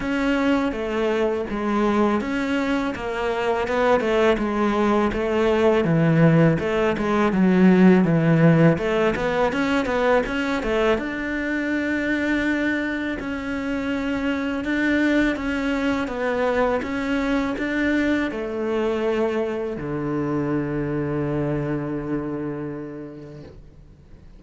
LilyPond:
\new Staff \with { instrumentName = "cello" } { \time 4/4 \tempo 4 = 82 cis'4 a4 gis4 cis'4 | ais4 b8 a8 gis4 a4 | e4 a8 gis8 fis4 e4 | a8 b8 cis'8 b8 cis'8 a8 d'4~ |
d'2 cis'2 | d'4 cis'4 b4 cis'4 | d'4 a2 d4~ | d1 | }